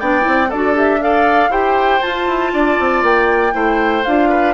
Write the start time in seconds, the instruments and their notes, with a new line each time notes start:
0.00 bassoon B3, clarinet D4, oboe D5, flute G5
0.21 clarinet E4
0.27 bassoon C4
0.49 bassoon D4, clarinet F#4, oboe A4, flute D5
0.74 clarinet G4, flute E5
1.01 clarinet A4, oboe D5, flute F5
1.49 bassoon E4, clarinet G4, oboe C5, flute G5
2.02 clarinet F4, bassoon F4, flute A5
2.27 bassoon E4
2.53 bassoon D4, oboe D5
2.80 bassoon C4
3.03 bassoon A#3, flute G5
3.52 bassoon A3, clarinet E4, oboe C5
4.05 bassoon D4, clarinet F4, flute F5
4.29 oboe B4